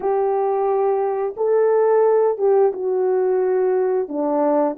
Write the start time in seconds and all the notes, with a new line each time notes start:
0.00 G4
1.36 A4
2.37 G4
2.72 F#4
4.08 D4